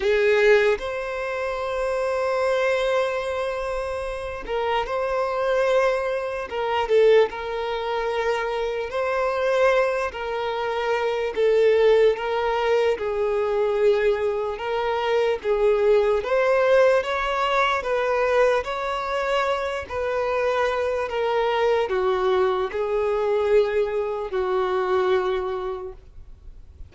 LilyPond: \new Staff \with { instrumentName = "violin" } { \time 4/4 \tempo 4 = 74 gis'4 c''2.~ | c''4. ais'8 c''2 | ais'8 a'8 ais'2 c''4~ | c''8 ais'4. a'4 ais'4 |
gis'2 ais'4 gis'4 | c''4 cis''4 b'4 cis''4~ | cis''8 b'4. ais'4 fis'4 | gis'2 fis'2 | }